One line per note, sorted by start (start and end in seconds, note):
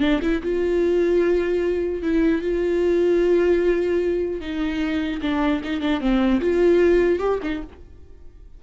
0.00 0.20 D4
0.22 0.42 E4
0.42 2.02 F4
2.02 2.41 E4
2.41 4.41 F4
4.41 5.21 D#4
5.21 5.61 D4
5.64 5.81 D#4
5.81 6.01 D4
6.01 6.41 C4
6.41 7.19 F4
7.19 7.39 G4
7.43 7.63 D#4